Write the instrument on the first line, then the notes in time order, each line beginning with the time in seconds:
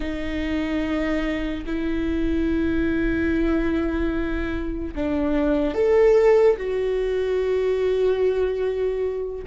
viola
0.00 D#4
1.66 E4
4.95 D4
5.74 A4
6.57 F#4